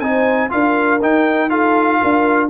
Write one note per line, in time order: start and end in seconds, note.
0.00 0.50 C4
0.00 0.50 D#4
0.00 0.52 C5
0.00 0.50 G#5
0.50 1.02 D4
0.50 0.99 F4
0.50 1.50 A#4
0.50 1.01 F5
1.02 1.50 D#4
1.02 2.01 D#4
1.02 1.50 G5
1.50 2.49 F4
1.50 2.00 A4
1.50 2.49 F5
2.01 2.51 D4
2.01 2.51 A#4